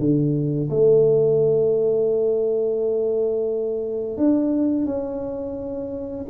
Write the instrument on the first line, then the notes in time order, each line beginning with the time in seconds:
tuba
0.00 D3
0.70 A3
4.18 D4
4.86 C#4